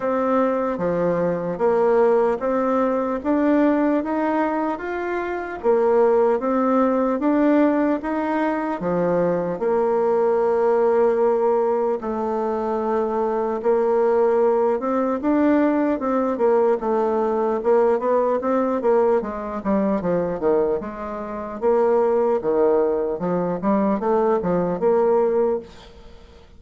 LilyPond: \new Staff \with { instrumentName = "bassoon" } { \time 4/4 \tempo 4 = 75 c'4 f4 ais4 c'4 | d'4 dis'4 f'4 ais4 | c'4 d'4 dis'4 f4 | ais2. a4~ |
a4 ais4. c'8 d'4 | c'8 ais8 a4 ais8 b8 c'8 ais8 | gis8 g8 f8 dis8 gis4 ais4 | dis4 f8 g8 a8 f8 ais4 | }